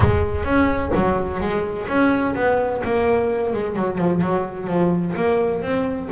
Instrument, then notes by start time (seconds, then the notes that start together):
double bass
0.00 G#3
0.44 C#4
0.95 F#3
1.40 G#3
1.88 C#4
2.35 B3
2.84 A#3
3.53 G#3
3.75 F#3
3.98 F3
4.21 F#3
4.67 F3
5.16 A#3
5.62 C4